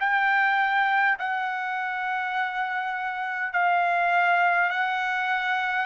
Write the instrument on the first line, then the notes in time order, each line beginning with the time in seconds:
trumpet
0.00 G5
1.19 F#5
3.52 F5
4.70 F#5